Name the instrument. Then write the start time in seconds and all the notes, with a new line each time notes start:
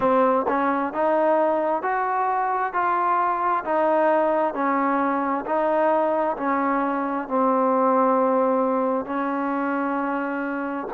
trombone
0.00 C4
0.48 C#4
0.93 D#4
1.82 F#4
2.73 F4
3.64 D#4
4.53 C#4
5.45 D#4
6.36 C#4
7.27 C4
9.05 C#4